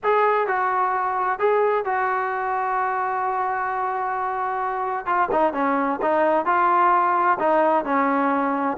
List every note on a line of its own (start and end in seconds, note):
0.03 0.47 G#4
0.47 1.39 F#4
1.39 1.85 G#4
1.85 5.05 F#4
5.05 5.28 F4
5.31 5.53 D#4
5.53 5.99 C#4
6.02 6.45 D#4
6.45 7.37 F4
7.39 7.85 D#4
7.85 8.77 C#4